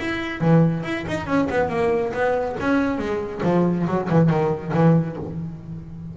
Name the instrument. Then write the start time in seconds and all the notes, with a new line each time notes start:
double bass
0.00 E4
0.41 E3
0.84 E4
1.08 D#4
1.27 C#4
1.50 B3
1.70 A#3
2.13 B3
2.60 C#4
2.99 G#3
3.44 F3
3.88 F#3
4.10 E3
4.30 D#3
4.74 E3